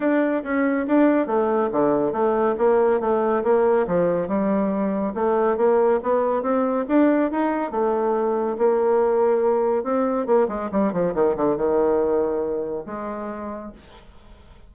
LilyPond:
\new Staff \with { instrumentName = "bassoon" } { \time 4/4 \tempo 4 = 140 d'4 cis'4 d'4 a4 | d4 a4 ais4 a4 | ais4 f4 g2 | a4 ais4 b4 c'4 |
d'4 dis'4 a2 | ais2. c'4 | ais8 gis8 g8 f8 dis8 d8 dis4~ | dis2 gis2 | }